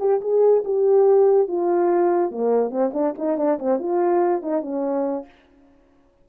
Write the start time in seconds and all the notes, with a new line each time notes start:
0.00 G4
0.22 G#4
0.65 G4
1.48 F4
2.31 A#3
2.70 C4
2.94 D4
3.19 D#4
3.38 D4
3.60 C4
3.79 F4
4.43 D#4
4.62 C#4